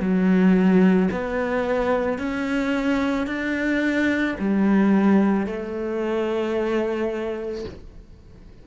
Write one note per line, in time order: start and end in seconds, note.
0.00 1.09 F#3
1.11 2.18 B3
2.18 3.26 C#4
3.26 4.35 D4
4.39 5.46 G3
5.46 7.65 A3